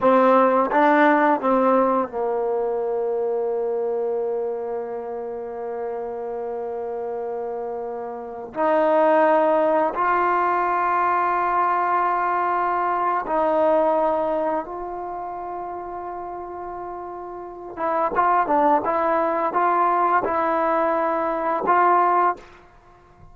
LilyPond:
\new Staff \with { instrumentName = "trombone" } { \time 4/4 \tempo 4 = 86 c'4 d'4 c'4 ais4~ | ais1~ | ais1~ | ais16 dis'2 f'4.~ f'16~ |
f'2. dis'4~ | dis'4 f'2.~ | f'4. e'8 f'8 d'8 e'4 | f'4 e'2 f'4 | }